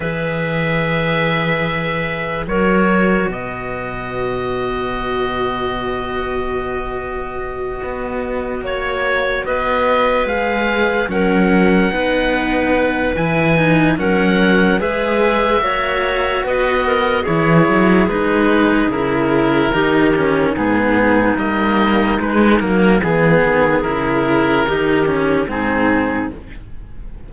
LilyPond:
<<
  \new Staff \with { instrumentName = "oboe" } { \time 4/4 \tempo 4 = 73 e''2. cis''4 | dis''1~ | dis''2~ dis''8 cis''4 dis''8~ | dis''8 f''4 fis''2~ fis''8 |
gis''4 fis''4 e''2 | dis''4 cis''4 b'4 ais'4~ | ais'4 gis'4 dis''4 b'8 ais'8 | gis'4 ais'2 gis'4 | }
  \new Staff \with { instrumentName = "clarinet" } { \time 4/4 b'2. ais'4 | b'1~ | b'2~ b'8 cis''4 b'8~ | b'4. ais'4 b'4.~ |
b'4 ais'4 b'4 cis''4 | b'8 ais'8 gis'2. | g'4 dis'2. | gis'2 g'4 dis'4 | }
  \new Staff \with { instrumentName = "cello" } { \time 4/4 gis'2. fis'4~ | fis'1~ | fis'1~ | fis'8 gis'4 cis'4 dis'4. |
e'8 dis'8 cis'4 gis'4 fis'4~ | fis'4 e'4 dis'4 e'4 | dis'8 cis'8 b4 ais4 gis8 ais8 | b4 e'4 dis'8 cis'8 c'4 | }
  \new Staff \with { instrumentName = "cello" } { \time 4/4 e2. fis4 | b,1~ | b,4. b4 ais4 b8~ | b8 gis4 fis4 b4. |
e4 fis4 gis4 ais4 | b4 e8 fis8 gis4 cis4 | dis4 gis,4 g4 gis8 fis8 | e8 dis8 cis4 dis4 gis,4 | }
>>